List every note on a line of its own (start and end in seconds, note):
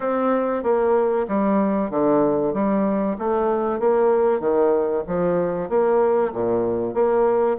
0.00 0.63 C4
0.63 1.26 A#3
1.28 1.90 G3
1.90 2.53 D3
2.53 3.16 G3
3.18 3.79 A3
3.79 4.40 A#3
4.40 5.03 D#3
5.07 5.69 F3
5.69 6.32 A#3
6.32 6.93 A#2
6.93 7.56 A#3